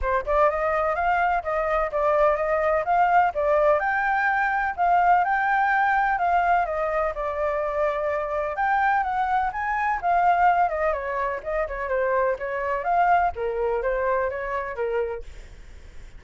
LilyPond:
\new Staff \with { instrumentName = "flute" } { \time 4/4 \tempo 4 = 126 c''8 d''8 dis''4 f''4 dis''4 | d''4 dis''4 f''4 d''4 | g''2 f''4 g''4~ | g''4 f''4 dis''4 d''4~ |
d''2 g''4 fis''4 | gis''4 f''4. dis''8 cis''4 | dis''8 cis''8 c''4 cis''4 f''4 | ais'4 c''4 cis''4 ais'4 | }